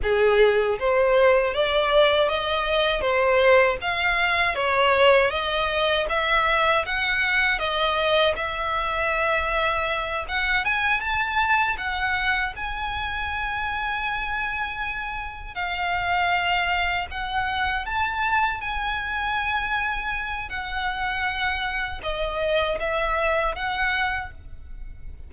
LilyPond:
\new Staff \with { instrumentName = "violin" } { \time 4/4 \tempo 4 = 79 gis'4 c''4 d''4 dis''4 | c''4 f''4 cis''4 dis''4 | e''4 fis''4 dis''4 e''4~ | e''4. fis''8 gis''8 a''4 fis''8~ |
fis''8 gis''2.~ gis''8~ | gis''8 f''2 fis''4 a''8~ | a''8 gis''2~ gis''8 fis''4~ | fis''4 dis''4 e''4 fis''4 | }